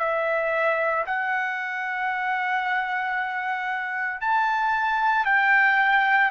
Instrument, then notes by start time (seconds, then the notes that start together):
trumpet
0.00 E5
1.07 F#5
4.22 A5
5.26 G5